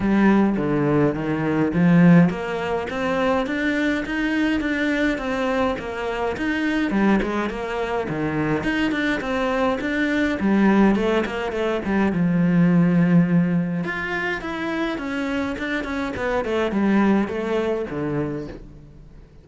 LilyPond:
\new Staff \with { instrumentName = "cello" } { \time 4/4 \tempo 4 = 104 g4 d4 dis4 f4 | ais4 c'4 d'4 dis'4 | d'4 c'4 ais4 dis'4 | g8 gis8 ais4 dis4 dis'8 d'8 |
c'4 d'4 g4 a8 ais8 | a8 g8 f2. | f'4 e'4 cis'4 d'8 cis'8 | b8 a8 g4 a4 d4 | }